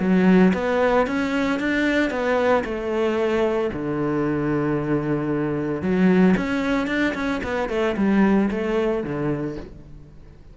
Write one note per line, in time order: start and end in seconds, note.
0.00 0.53 F#3
0.54 1.07 B3
1.07 1.60 C#4
1.60 2.11 D4
2.11 2.64 B3
2.65 3.71 A3
3.73 5.82 D3
5.82 6.35 F#3
6.37 6.88 C#4
6.88 7.14 D4
7.15 7.41 C#4
7.44 7.69 B3
7.69 7.96 A3
7.97 8.50 G3
8.51 9.04 A3
9.04 9.57 D3